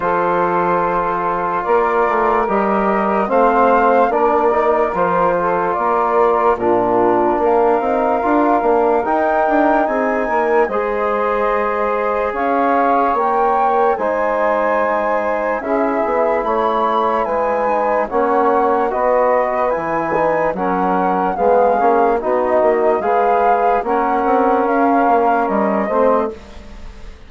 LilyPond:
<<
  \new Staff \with { instrumentName = "flute" } { \time 4/4 \tempo 4 = 73 c''2 d''4 dis''4 | f''4 d''4 c''4 d''4 | ais'4 f''2 g''4 | gis''4 dis''2 f''4 |
g''4 gis''2 e''4 | b''4 gis''4 fis''4 dis''4 | gis''4 fis''4 f''4 dis''4 | f''4 fis''4 f''4 dis''4 | }
  \new Staff \with { instrumentName = "saxophone" } { \time 4/4 a'2 ais'2 | c''4 ais'4. a'8 ais'4 | f'4 ais'2. | gis'8 ais'8 c''2 cis''4~ |
cis''4 c''2 gis'4 | cis''4 b'4 cis''4 b'4~ | b'4 ais'4 gis'4 fis'4 | b'4 ais'2~ ais'8 c''8 | }
  \new Staff \with { instrumentName = "trombone" } { \time 4/4 f'2. g'4 | c'4 d'8 dis'8 f'2 | d'4. dis'8 f'8 d'8 dis'4~ | dis'4 gis'2. |
ais'4 dis'2 e'4~ | e'4. dis'8 cis'4 fis'4 | e'8 dis'8 cis'4 b8 cis'8 dis'4 | gis'4 cis'2~ cis'8 c'8 | }
  \new Staff \with { instrumentName = "bassoon" } { \time 4/4 f2 ais8 a8 g4 | a4 ais4 f4 ais4 | ais,4 ais8 c'8 d'8 ais8 dis'8 d'8 | c'8 ais8 gis2 cis'4 |
ais4 gis2 cis'8 b8 | a4 gis4 ais4 b4 | e4 fis4 gis8 ais8 b8 ais8 | gis4 ais8 c'8 cis'8 ais8 g8 a8 | }
>>